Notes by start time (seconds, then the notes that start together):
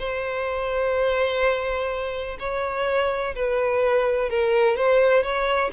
0.00 C5
2.40 C#5
3.36 B4
4.30 A#4
4.77 C5
5.24 C#5